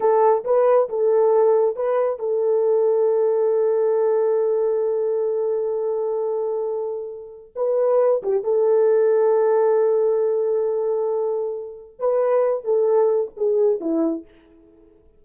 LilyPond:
\new Staff \with { instrumentName = "horn" } { \time 4/4 \tempo 4 = 135 a'4 b'4 a'2 | b'4 a'2.~ | a'1~ | a'1~ |
a'4 b'4. g'8 a'4~ | a'1~ | a'2. b'4~ | b'8 a'4. gis'4 e'4 | }